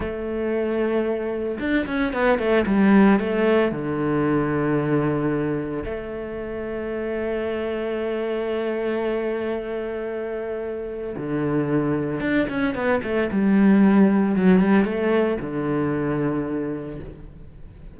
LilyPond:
\new Staff \with { instrumentName = "cello" } { \time 4/4 \tempo 4 = 113 a2. d'8 cis'8 | b8 a8 g4 a4 d4~ | d2. a4~ | a1~ |
a1~ | a4 d2 d'8 cis'8 | b8 a8 g2 fis8 g8 | a4 d2. | }